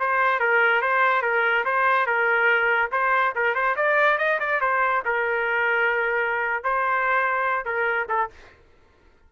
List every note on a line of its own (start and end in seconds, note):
0.00 0.40 C5
0.40 0.82 A#4
0.82 1.23 C5
1.23 1.65 A#4
1.65 2.07 C5
2.07 2.91 A#4
2.92 3.34 C5
3.35 3.55 A#4
3.55 3.76 C5
3.77 4.18 D5
4.18 4.39 D#5
4.40 4.61 D5
4.61 5.03 C5
5.06 6.64 A#4
6.64 7.65 C5
7.65 8.08 A#4
8.09 8.30 A4